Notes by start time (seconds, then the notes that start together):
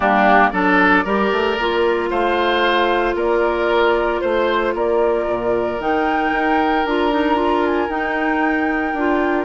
0.00 G3 A#3 D4 G4
0.50 F#3 D4 A4 D5
1.04 G3 G4 A#4
1.32 A3
1.57 A#3 F4
2.09 A3 C5 F5
3.14 A#3 A#4 D5
4.21 A3 C5
4.74 A#3 A#4 D5
5.27 A#2
5.79 D#3 D#4 G5
6.32 D#4
6.85 D4 F4 A#5
7.11 D#4
7.35 F4
7.65 G#5
7.88 D#4 G5
8.93 D4 F4